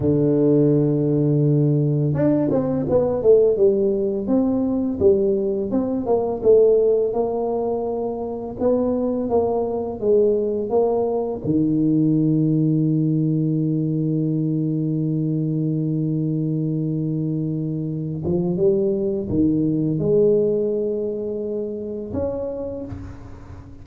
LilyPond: \new Staff \with { instrumentName = "tuba" } { \time 4/4 \tempo 4 = 84 d2. d'8 c'8 | b8 a8 g4 c'4 g4 | c'8 ais8 a4 ais2 | b4 ais4 gis4 ais4 |
dis1~ | dis1~ | dis4. f8 g4 dis4 | gis2. cis'4 | }